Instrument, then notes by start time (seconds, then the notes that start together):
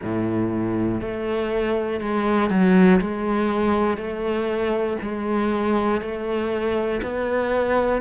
cello
0.02 A2
1.00 A3
2.00 G#3
2.50 F#3
3.00 G#3
3.97 A3
5.01 G#3
6.01 A3
7.02 B3